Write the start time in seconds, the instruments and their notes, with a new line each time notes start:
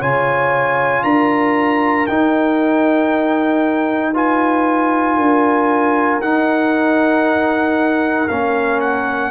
0.00 tuba C#3, trombone F4, horn C#5, trumpet G#5
1.04 tuba D4, horn A#4, trumpet A#5
2.07 tuba D#4, trombone D#4, trumpet G5
4.13 trombone F4, horn B4, trumpet G#5
5.17 tuba D4, horn A#4
6.20 tuba D#4, trombone D#4, trumpet F#5
8.28 tuba A#3, trombone C#4, trumpet F5
8.80 trumpet F#5